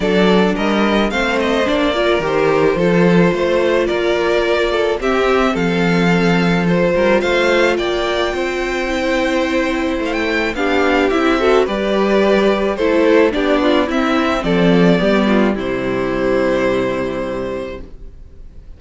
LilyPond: <<
  \new Staff \with { instrumentName = "violin" } { \time 4/4 \tempo 4 = 108 d''4 dis''4 f''8 dis''8 d''4 | c''2. d''4~ | d''4 e''4 f''2 | c''4 f''4 g''2~ |
g''2 f''16 g''8. f''4 | e''4 d''2 c''4 | d''4 e''4 d''2 | c''1 | }
  \new Staff \with { instrumentName = "violin" } { \time 4/4 a'4 ais'4 c''4. ais'8~ | ais'4 a'4 c''4 ais'4~ | ais'8 a'8 g'4 a'2~ | a'8 ais'8 c''4 d''4 c''4~ |
c''2. g'4~ | g'8 a'8 b'2 a'4 | g'8 f'8 e'4 a'4 g'8 f'8 | e'1 | }
  \new Staff \with { instrumentName = "viola" } { \time 4/4 d'2 c'4 d'8 f'8 | g'4 f'2.~ | f'4 c'2. | f'1 |
e'2. d'4 | e'8 fis'8 g'2 e'4 | d'4 c'2 b4 | g1 | }
  \new Staff \with { instrumentName = "cello" } { \time 4/4 fis4 g4 a4 ais4 | dis4 f4 a4 ais4~ | ais4 c'4 f2~ | f8 g8 a4 ais4 c'4~ |
c'2 a4 b4 | c'4 g2 a4 | b4 c'4 f4 g4 | c1 | }
>>